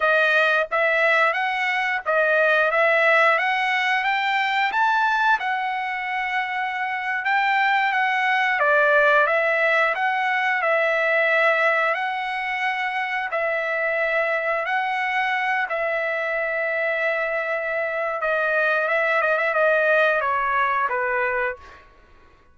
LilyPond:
\new Staff \with { instrumentName = "trumpet" } { \time 4/4 \tempo 4 = 89 dis''4 e''4 fis''4 dis''4 | e''4 fis''4 g''4 a''4 | fis''2~ fis''8. g''4 fis''16~ | fis''8. d''4 e''4 fis''4 e''16~ |
e''4.~ e''16 fis''2 e''16~ | e''4.~ e''16 fis''4. e''8.~ | e''2. dis''4 | e''8 dis''16 e''16 dis''4 cis''4 b'4 | }